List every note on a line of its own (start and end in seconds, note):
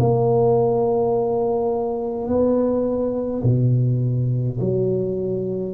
0.00 2.28 A#3
2.28 3.44 B3
3.44 4.59 B2
4.60 5.74 F#3